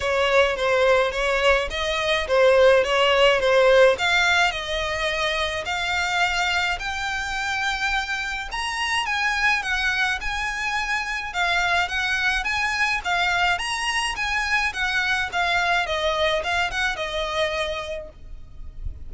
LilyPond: \new Staff \with { instrumentName = "violin" } { \time 4/4 \tempo 4 = 106 cis''4 c''4 cis''4 dis''4 | c''4 cis''4 c''4 f''4 | dis''2 f''2 | g''2. ais''4 |
gis''4 fis''4 gis''2 | f''4 fis''4 gis''4 f''4 | ais''4 gis''4 fis''4 f''4 | dis''4 f''8 fis''8 dis''2 | }